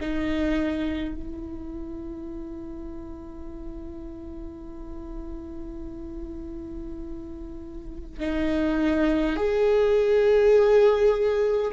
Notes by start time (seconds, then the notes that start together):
0.00 D#4
1.14 E4
8.20 D#4
9.36 G#4